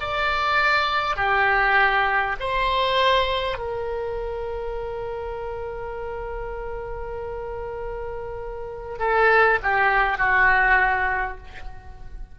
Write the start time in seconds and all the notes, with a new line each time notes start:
0.00 D5
1.16 G4
2.40 C5
3.58 A#4
8.99 A4
9.63 G4
10.18 F#4